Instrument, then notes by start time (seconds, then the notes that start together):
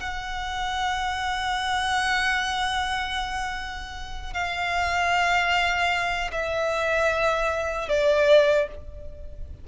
violin
0.00 F#5
4.34 F5
6.32 E5
7.89 D5